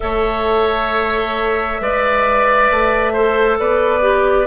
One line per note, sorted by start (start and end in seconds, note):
0.00 1.80 A3
0.00 1.78 A4
0.00 1.81 C#5
0.00 3.58 E5
1.80 2.70 G#3
1.80 3.14 B4
1.80 3.12 D5
2.70 3.58 A3
3.12 4.01 A4
3.12 3.57 C5
3.58 4.46 B3
3.58 4.46 B4
3.58 4.46 D5
4.01 4.46 G4